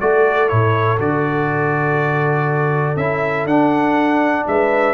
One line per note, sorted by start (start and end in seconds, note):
0.00 0.51 A3
0.00 0.49 F#4
0.00 4.46 A4
0.00 0.49 D5
0.49 0.99 A2
0.49 0.98 E4
0.49 0.98 C#5
0.99 2.96 D3
0.99 2.97 F#4
0.99 2.97 D5
2.96 3.45 C#4
2.96 3.49 E4
2.96 3.46 E5
3.45 4.45 D4
3.45 4.94 D4
3.45 4.46 F#5
4.47 4.94 G#3
4.47 4.94 B4
4.47 4.94 E5